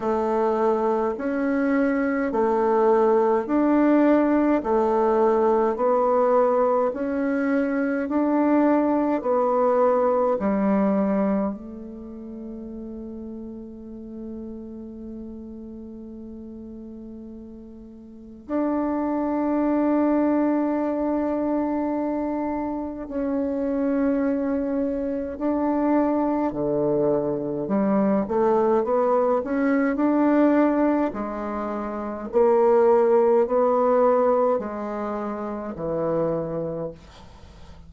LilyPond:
\new Staff \with { instrumentName = "bassoon" } { \time 4/4 \tempo 4 = 52 a4 cis'4 a4 d'4 | a4 b4 cis'4 d'4 | b4 g4 a2~ | a1 |
d'1 | cis'2 d'4 d4 | g8 a8 b8 cis'8 d'4 gis4 | ais4 b4 gis4 e4 | }